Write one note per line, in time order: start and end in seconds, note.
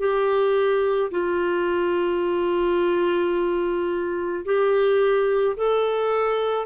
0.00 1.11 G4
1.12 4.45 F4
4.45 5.57 G4
5.57 6.67 A4